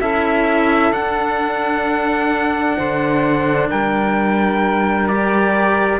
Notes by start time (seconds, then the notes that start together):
0.00 C#4 E4 A4 E5
0.91 D4 F#5
2.76 D3 C5
3.68 G3 A#4 G5
5.07 G4 D5